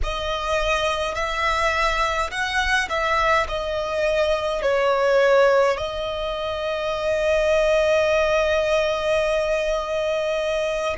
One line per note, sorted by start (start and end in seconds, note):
0.03 1.14 D#5
1.14 2.30 E5
2.30 2.88 F#5
2.88 3.46 E5
3.48 4.62 D#5
4.62 5.77 C#5
5.77 10.96 D#5